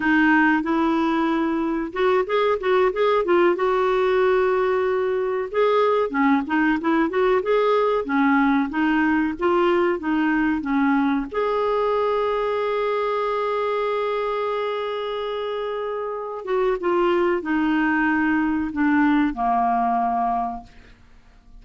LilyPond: \new Staff \with { instrumentName = "clarinet" } { \time 4/4 \tempo 4 = 93 dis'4 e'2 fis'8 gis'8 | fis'8 gis'8 f'8 fis'2~ fis'8~ | fis'8 gis'4 cis'8 dis'8 e'8 fis'8 gis'8~ | gis'8 cis'4 dis'4 f'4 dis'8~ |
dis'8 cis'4 gis'2~ gis'8~ | gis'1~ | gis'4. fis'8 f'4 dis'4~ | dis'4 d'4 ais2 | }